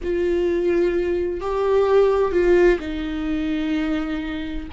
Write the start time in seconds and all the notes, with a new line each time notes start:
0.03 F4
1.40 G4
2.32 F4
2.79 D#4